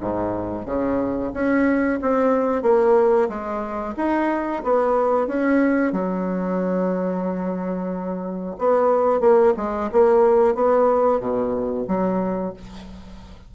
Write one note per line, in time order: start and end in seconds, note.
0.00 0.65 G#2
0.65 1.31 C#3
1.33 1.99 C#4
2.01 2.62 C4
2.62 3.28 A#3
3.28 3.94 G#3
3.97 4.63 D#4
4.63 5.27 B3
5.27 5.92 C#4
5.92 8.56 F#3
8.58 9.20 B3
9.20 9.53 A#3
9.57 9.90 G#3
9.92 10.55 A#3
10.55 11.20 B3
11.20 11.86 B2
11.87 12.53 F#3